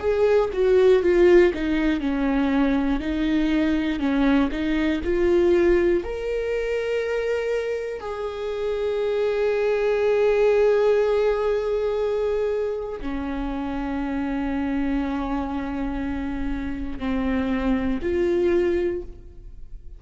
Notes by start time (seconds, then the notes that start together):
0.00 G#4
0.54 F#4
1.03 F4
1.55 D#4
2.01 C#4
3.00 D#4
4.00 C#4
4.52 D#4
5.05 F4
6.05 A#4
8.00 G#4
13.01 C#4
17.00 C4
18.03 F4